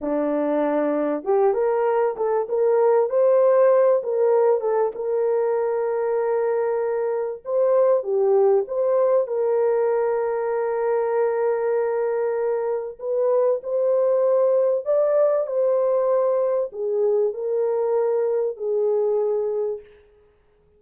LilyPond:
\new Staff \with { instrumentName = "horn" } { \time 4/4 \tempo 4 = 97 d'2 g'8 ais'4 a'8 | ais'4 c''4. ais'4 a'8 | ais'1 | c''4 g'4 c''4 ais'4~ |
ais'1~ | ais'4 b'4 c''2 | d''4 c''2 gis'4 | ais'2 gis'2 | }